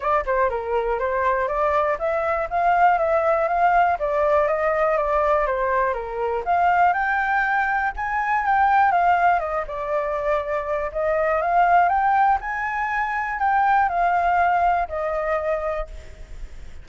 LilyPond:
\new Staff \with { instrumentName = "flute" } { \time 4/4 \tempo 4 = 121 d''8 c''8 ais'4 c''4 d''4 | e''4 f''4 e''4 f''4 | d''4 dis''4 d''4 c''4 | ais'4 f''4 g''2 |
gis''4 g''4 f''4 dis''8 d''8~ | d''2 dis''4 f''4 | g''4 gis''2 g''4 | f''2 dis''2 | }